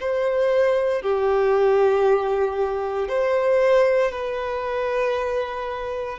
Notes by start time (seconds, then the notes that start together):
0.00 C5
1.02 G4
3.08 C5
4.11 B4